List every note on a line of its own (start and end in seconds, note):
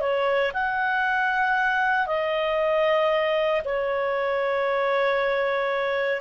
0.00 0.52 C#5
0.53 2.07 F#5
2.07 3.62 D#5
3.64 6.21 C#5